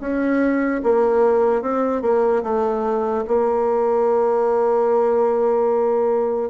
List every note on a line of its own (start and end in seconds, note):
0.00 0.81 C#4
0.83 1.62 A#3
1.62 2.02 C4
2.02 2.42 A#3
2.43 3.24 A3
3.27 6.49 A#3